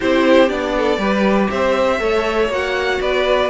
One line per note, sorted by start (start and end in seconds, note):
0.00 0.49 C4
0.00 0.47 E4
0.00 0.74 G4
0.00 0.49 C5
0.47 0.98 B3
0.47 0.97 D4
0.47 1.49 D5
0.76 0.99 A4
0.98 1.48 G3
0.98 1.99 G4
0.98 1.49 B4
1.50 1.99 C4
1.50 2.00 C5
1.50 2.50 E5
1.99 2.48 A3
1.99 2.49 A4
1.99 3.00 C#5
2.48 2.98 A#3
2.48 3.50 F#4
2.48 3.01 F#5
3.00 3.50 B3
3.00 3.50 B4
3.00 3.50 D5